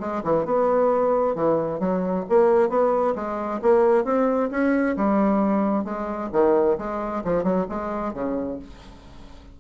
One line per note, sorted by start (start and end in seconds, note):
0.00 0.23 G#3
0.24 0.45 E3
0.45 1.35 B3
1.35 1.80 E3
1.80 2.25 F#3
2.29 2.69 A#3
2.69 3.15 B3
3.15 3.60 G#3
3.62 4.05 A#3
4.05 4.50 C4
4.51 4.96 C#4
4.96 5.85 G3
5.85 6.30 G#3
6.33 6.78 D#3
6.78 7.23 G#3
7.25 7.44 F3
7.44 7.66 F#3
7.69 8.14 G#3
8.14 8.59 C#3